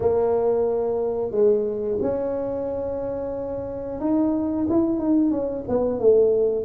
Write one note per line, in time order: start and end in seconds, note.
0.00 1.31 A#3
1.31 1.98 G#3
2.02 4.00 C#4
4.00 4.66 D#4
4.69 4.98 E4
4.98 5.30 D#4
5.30 5.64 C#4
5.68 5.99 B3
5.99 6.65 A3